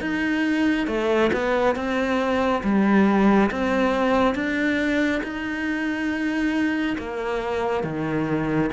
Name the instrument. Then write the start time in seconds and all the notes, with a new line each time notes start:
cello
0.00 D#4
0.87 A3
1.32 B3
1.75 C4
2.63 G3
3.51 C4
4.34 D4
5.23 D#4
6.98 A#3
7.83 D#3